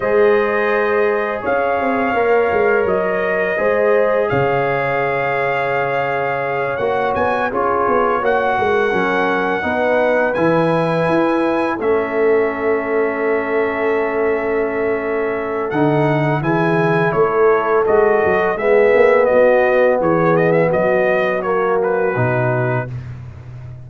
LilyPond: <<
  \new Staff \with { instrumentName = "trumpet" } { \time 4/4 \tempo 4 = 84 dis''2 f''2 | dis''2 f''2~ | f''4. fis''8 gis''8 cis''4 fis''8~ | fis''2~ fis''8 gis''4.~ |
gis''8 e''2.~ e''8~ | e''2 fis''4 gis''4 | cis''4 dis''4 e''4 dis''4 | cis''8 dis''16 e''16 dis''4 cis''8 b'4. | }
  \new Staff \with { instrumentName = "horn" } { \time 4/4 c''2 cis''2~ | cis''4 c''4 cis''2~ | cis''2~ cis''8 gis'4 cis''8 | ais'4. b'2~ b'8~ |
b'8 a'2.~ a'8~ | a'2. gis'4 | a'2 gis'4 fis'4 | gis'4 fis'2. | }
  \new Staff \with { instrumentName = "trombone" } { \time 4/4 gis'2. ais'4~ | ais'4 gis'2.~ | gis'4. fis'4 f'4 fis'8~ | fis'8 cis'4 dis'4 e'4.~ |
e'8 cis'2.~ cis'8~ | cis'2 dis'4 e'4~ | e'4 fis'4 b2~ | b2 ais4 dis'4 | }
  \new Staff \with { instrumentName = "tuba" } { \time 4/4 gis2 cis'8 c'8 ais8 gis8 | fis4 gis4 cis2~ | cis4. ais8 b8 cis'8 b8 ais8 | gis8 fis4 b4 e4 e'8~ |
e'8 a2.~ a8~ | a2 d4 e4 | a4 gis8 fis8 gis8 ais8 b4 | e4 fis2 b,4 | }
>>